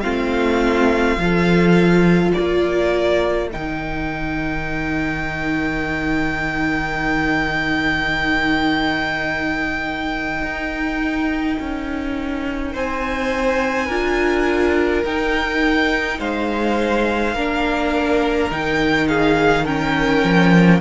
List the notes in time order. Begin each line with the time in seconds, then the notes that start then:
0.00 A3 C4 F4 F5
1.17 F3 F4
1.23 A4
2.33 A#3 A#4 D5
3.52 D#3 D#4 G5
10.42 D#4
11.59 C#4
12.72 C4 C5 G#5
13.86 D4 F4 A#4
15.04 D#4 G5
16.19 G#3 C5 F5
17.34 A#3 D4 A#4
18.50 D#3 D#4 G5
19.08 G#4 F5
19.65 C#4 A#4 G5
20.23 F3